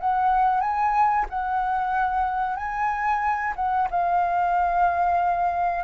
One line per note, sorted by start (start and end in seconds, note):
0.00 0.61 F#5
0.61 1.26 G#5
1.30 2.56 F#5
2.56 3.54 G#5
3.56 3.89 F#5
3.91 5.85 F5